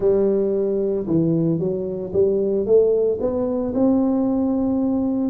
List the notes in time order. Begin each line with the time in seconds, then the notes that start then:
0.00 G3
1.06 E3
1.59 F#3
2.13 G3
2.65 A3
3.20 B3
3.74 C4